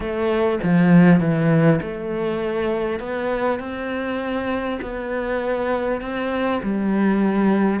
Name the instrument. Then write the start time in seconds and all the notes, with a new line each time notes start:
cello
0.00 A3
0.63 F3
1.19 E3
1.81 A3
2.99 B3
3.59 C4
4.81 B3
6.01 C4
6.62 G3